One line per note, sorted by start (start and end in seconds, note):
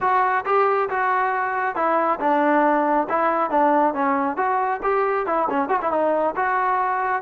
0.01 0.44 F#4
0.45 0.89 G4
0.89 1.75 F#4
1.75 2.19 E4
2.19 3.07 D4
3.09 3.50 E4
3.50 3.94 D4
3.94 4.36 C#4
4.36 4.80 F#4
4.83 5.26 G4
5.26 5.48 E4
5.49 5.68 C#4
5.68 5.79 F#4
5.81 5.91 E4
5.91 6.34 D#4
6.36 7.22 F#4